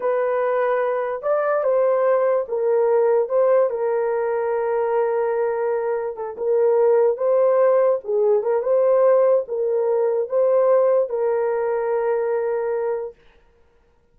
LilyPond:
\new Staff \with { instrumentName = "horn" } { \time 4/4 \tempo 4 = 146 b'2. d''4 | c''2 ais'2 | c''4 ais'2.~ | ais'2. a'8 ais'8~ |
ais'4. c''2 gis'8~ | gis'8 ais'8 c''2 ais'4~ | ais'4 c''2 ais'4~ | ais'1 | }